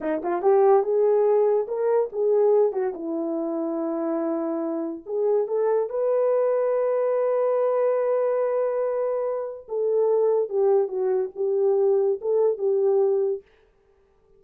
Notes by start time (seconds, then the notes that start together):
0.00 D#4
0.22 F4
0.42 G4
0.83 G#4
1.67 A#4
2.12 G#4
2.72 F#4
2.94 E4
5.06 G#4
5.47 A4
5.89 B4
9.68 A4
10.49 G4
10.87 F#4
11.35 G4
12.21 A4
12.58 G4